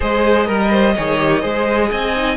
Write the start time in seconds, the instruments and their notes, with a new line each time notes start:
0.00 cello G#3, viola G#4, violin C5 D#5
0.46 cello G3, viola A#4, violin A#4
0.71 violin C5
0.95 cello D#3, viola G#4, violin C#5
1.18 viola G4
1.41 cello G#3, viola G#4, violin C5
1.90 cello C4, violin D#5 G#5
2.15 viola D#4